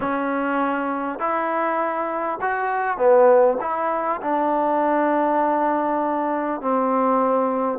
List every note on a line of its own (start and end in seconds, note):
0.00 1.19 C#4
1.19 2.39 E4
2.41 2.97 F#4
2.97 3.57 B3
3.61 4.21 E4
4.21 6.61 D4
6.61 7.78 C4